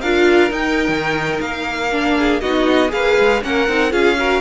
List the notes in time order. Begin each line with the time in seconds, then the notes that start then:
0.00 D4 F4 A#4 F5
0.50 D#4 G5
0.88 D#3
1.40 A#3 F5
1.91 D4
2.17 G#4
2.40 B3 D#4 F#4 D#5
2.88 A#3 G#4 B4 F5
3.19 G#3
3.42 A#3 C#4 A#4 F#5
3.68 C4 D#4
3.91 C#4 F4 G#4 F5
4.18 F#4 A#4